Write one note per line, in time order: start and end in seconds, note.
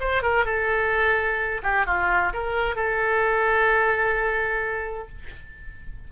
0.00 0.23 C5
0.23 0.45 A#4
0.45 1.62 A4
1.63 1.86 G4
1.86 2.33 F4
2.33 2.76 A#4
2.76 5.08 A4